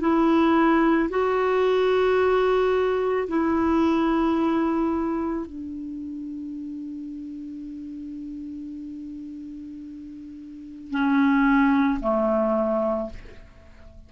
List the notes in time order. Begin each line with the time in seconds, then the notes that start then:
0.00 E4
1.09 F#4
3.28 E4
5.45 D4
10.90 C#4
12.00 A3